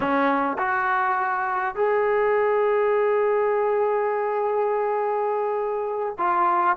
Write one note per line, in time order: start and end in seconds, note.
0.00 0.57 C#4
0.58 1.75 F#4
1.75 6.16 G#4
6.18 6.76 F4